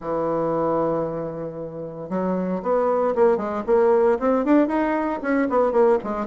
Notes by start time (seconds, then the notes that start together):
0.00 E3
2.09 F#3
2.62 B3
3.15 A#3
3.37 G#3
3.66 A#3
4.19 C4
4.44 D4
4.67 D#4
5.22 C#4
5.49 B3
5.72 A#3
6.03 G#3